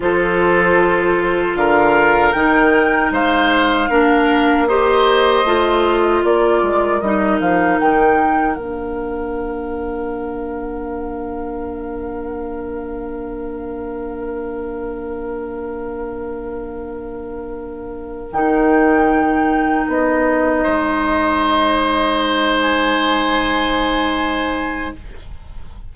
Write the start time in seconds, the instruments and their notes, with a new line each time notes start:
0.00 bassoon F3, clarinet F4, oboe A4, flute C5
1.54 bassoon D3, oboe A#4, flute F5
2.32 bassoon D#3, clarinet D#4, flute G5
3.11 bassoon G#3, oboe C5, flute F5
3.89 bassoon A#3, clarinet D4, oboe A#4
4.68 clarinet G4, oboe C5, flute D#5
5.44 bassoon A3, clarinet F4
6.24 bassoon A#3, oboe A#4, flute D5
6.62 bassoon G#3
7.00 bassoon G3, clarinet D#4, flute D#5
7.40 bassoon F3, flute F5
7.78 bassoon D#3, flute G5
8.56 bassoon A#3, clarinet D4, flute F5
18.32 bassoon D#3, clarinet D#4, flute G5
19.87 bassoon B3, flute D#5
20.63 bassoon G#3, oboe C5
22.59 flute G#5